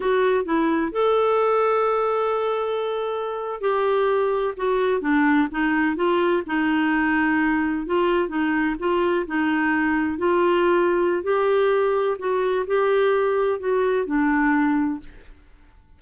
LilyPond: \new Staff \with { instrumentName = "clarinet" } { \time 4/4 \tempo 4 = 128 fis'4 e'4 a'2~ | a'2.~ a'8. g'16~ | g'4.~ g'16 fis'4 d'4 dis'16~ | dis'8. f'4 dis'2~ dis'16~ |
dis'8. f'4 dis'4 f'4 dis'16~ | dis'4.~ dis'16 f'2~ f'16 | g'2 fis'4 g'4~ | g'4 fis'4 d'2 | }